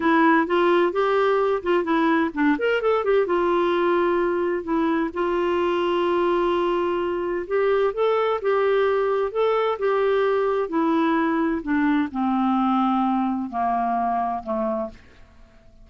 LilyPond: \new Staff \with { instrumentName = "clarinet" } { \time 4/4 \tempo 4 = 129 e'4 f'4 g'4. f'8 | e'4 d'8 ais'8 a'8 g'8 f'4~ | f'2 e'4 f'4~ | f'1 |
g'4 a'4 g'2 | a'4 g'2 e'4~ | e'4 d'4 c'2~ | c'4 ais2 a4 | }